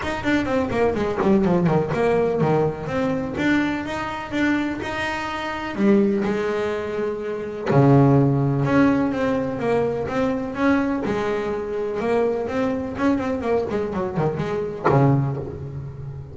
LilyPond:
\new Staff \with { instrumentName = "double bass" } { \time 4/4 \tempo 4 = 125 dis'8 d'8 c'8 ais8 gis8 g8 f8 dis8 | ais4 dis4 c'4 d'4 | dis'4 d'4 dis'2 | g4 gis2. |
cis2 cis'4 c'4 | ais4 c'4 cis'4 gis4~ | gis4 ais4 c'4 cis'8 c'8 | ais8 gis8 fis8 dis8 gis4 cis4 | }